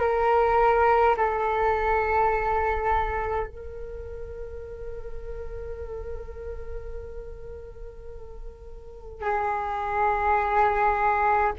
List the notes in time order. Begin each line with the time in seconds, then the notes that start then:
0.00 A#4
1.17 A4
3.47 A#4
9.22 G#4